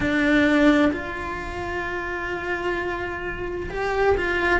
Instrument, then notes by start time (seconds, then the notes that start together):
cello
0.00 D4
0.92 F4
3.69 G4
4.17 F4